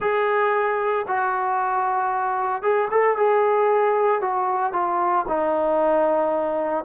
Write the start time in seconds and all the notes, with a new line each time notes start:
0.00 G#4
1.07 F#4
2.62 G#4
2.90 A4
3.16 G#4
4.21 F#4
4.73 F4
5.28 D#4